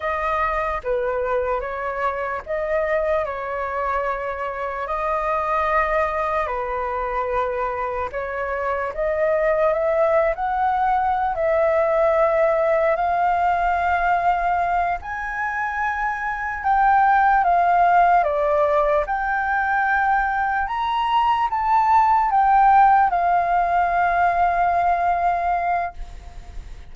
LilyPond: \new Staff \with { instrumentName = "flute" } { \time 4/4 \tempo 4 = 74 dis''4 b'4 cis''4 dis''4 | cis''2 dis''2 | b'2 cis''4 dis''4 | e''8. fis''4~ fis''16 e''2 |
f''2~ f''8 gis''4.~ | gis''8 g''4 f''4 d''4 g''8~ | g''4. ais''4 a''4 g''8~ | g''8 f''2.~ f''8 | }